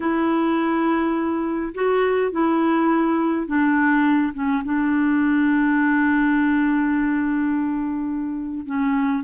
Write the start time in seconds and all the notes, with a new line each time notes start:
0.00 E4
1.74 F#4
2.31 E4
3.46 D4
4.34 C#4
4.64 D4
8.66 C#4